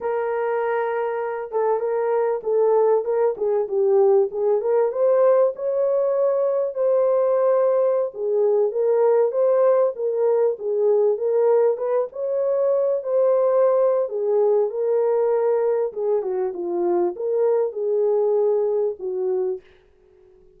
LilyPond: \new Staff \with { instrumentName = "horn" } { \time 4/4 \tempo 4 = 98 ais'2~ ais'8 a'8 ais'4 | a'4 ais'8 gis'8 g'4 gis'8 ais'8 | c''4 cis''2 c''4~ | c''4~ c''16 gis'4 ais'4 c''8.~ |
c''16 ais'4 gis'4 ais'4 b'8 cis''16~ | cis''4~ cis''16 c''4.~ c''16 gis'4 | ais'2 gis'8 fis'8 f'4 | ais'4 gis'2 fis'4 | }